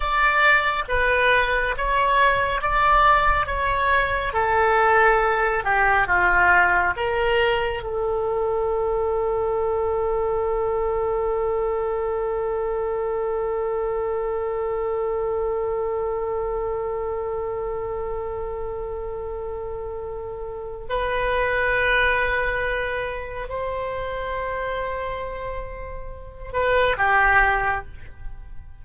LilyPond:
\new Staff \with { instrumentName = "oboe" } { \time 4/4 \tempo 4 = 69 d''4 b'4 cis''4 d''4 | cis''4 a'4. g'8 f'4 | ais'4 a'2.~ | a'1~ |
a'1~ | a'1 | b'2. c''4~ | c''2~ c''8 b'8 g'4 | }